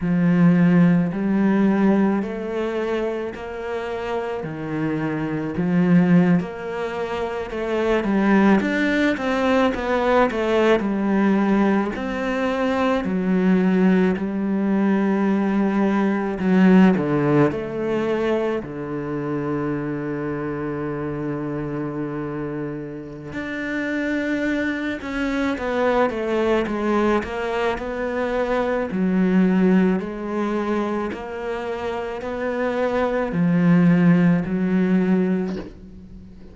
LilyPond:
\new Staff \with { instrumentName = "cello" } { \time 4/4 \tempo 4 = 54 f4 g4 a4 ais4 | dis4 f8. ais4 a8 g8 d'16~ | d'16 c'8 b8 a8 g4 c'4 fis16~ | fis8. g2 fis8 d8 a16~ |
a8. d2.~ d16~ | d4 d'4. cis'8 b8 a8 | gis8 ais8 b4 fis4 gis4 | ais4 b4 f4 fis4 | }